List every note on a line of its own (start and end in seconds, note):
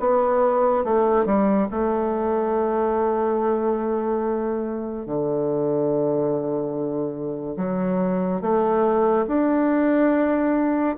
0.00 0.85 B3
0.85 1.26 A3
1.26 1.68 G3
1.71 5.06 A3
5.06 7.57 D3
7.57 8.42 F#3
8.42 9.26 A3
9.28 10.97 D4